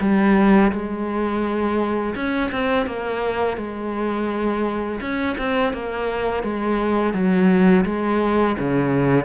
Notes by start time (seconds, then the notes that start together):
0.00 G3
0.71 G#3
2.15 C#4
2.51 C4
2.86 A#3
3.57 G#3
5.00 C#4
5.38 C4
5.73 A#3
6.43 G#3
7.13 F#3
7.85 G#3
8.58 C#3